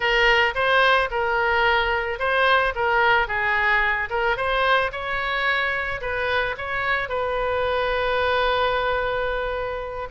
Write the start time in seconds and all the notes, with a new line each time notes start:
0.00 A#4
0.54 C5
1.11 A#4
2.19 C5
2.75 A#4
3.27 G#4
4.09 A#4
4.36 C5
4.91 C#5
6.01 B4
6.57 C#5
7.08 B4